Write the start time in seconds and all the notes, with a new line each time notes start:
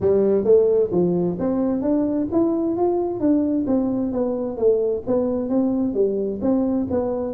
0.00 G3
0.44 A3
0.91 F3
1.39 C4
1.81 D4
2.32 E4
2.76 F4
3.20 D4
3.66 C4
4.12 B3
4.57 A3
5.06 B3
5.49 C4
5.94 G3
6.41 C4
6.90 B3